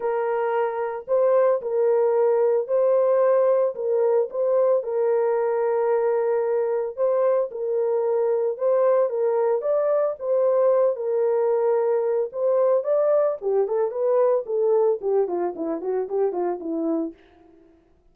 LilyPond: \new Staff \with { instrumentName = "horn" } { \time 4/4 \tempo 4 = 112 ais'2 c''4 ais'4~ | ais'4 c''2 ais'4 | c''4 ais'2.~ | ais'4 c''4 ais'2 |
c''4 ais'4 d''4 c''4~ | c''8 ais'2~ ais'8 c''4 | d''4 g'8 a'8 b'4 a'4 | g'8 f'8 e'8 fis'8 g'8 f'8 e'4 | }